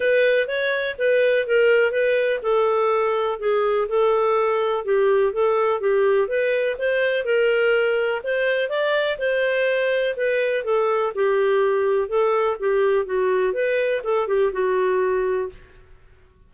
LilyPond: \new Staff \with { instrumentName = "clarinet" } { \time 4/4 \tempo 4 = 124 b'4 cis''4 b'4 ais'4 | b'4 a'2 gis'4 | a'2 g'4 a'4 | g'4 b'4 c''4 ais'4~ |
ais'4 c''4 d''4 c''4~ | c''4 b'4 a'4 g'4~ | g'4 a'4 g'4 fis'4 | b'4 a'8 g'8 fis'2 | }